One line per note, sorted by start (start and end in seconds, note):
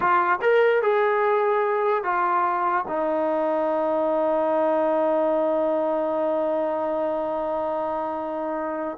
0.00 0.39 F4
0.41 0.82 A#4
0.82 2.03 G#4
2.03 2.85 F4
2.88 8.98 D#4